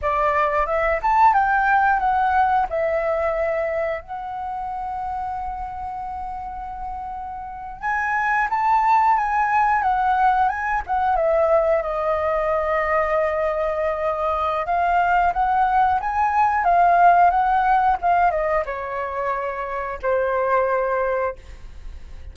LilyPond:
\new Staff \with { instrumentName = "flute" } { \time 4/4 \tempo 4 = 90 d''4 e''8 a''8 g''4 fis''4 | e''2 fis''2~ | fis''2.~ fis''8. gis''16~ | gis''8. a''4 gis''4 fis''4 gis''16~ |
gis''16 fis''8 e''4 dis''2~ dis''16~ | dis''2 f''4 fis''4 | gis''4 f''4 fis''4 f''8 dis''8 | cis''2 c''2 | }